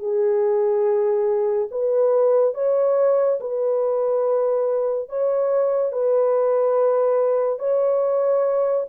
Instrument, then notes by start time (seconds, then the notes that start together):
horn
0.00 G#4
1.71 B4
2.55 C#5
3.41 B4
5.09 C#5
5.93 B4
7.59 C#5